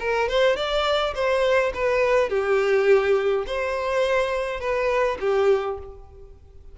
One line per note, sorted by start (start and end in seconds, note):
0.00 0.29 A#4
0.29 0.56 C5
0.56 1.14 D5
1.15 1.73 C5
1.74 2.29 B4
2.29 3.45 G4
3.47 4.60 C5
4.60 5.18 B4
5.21 5.78 G4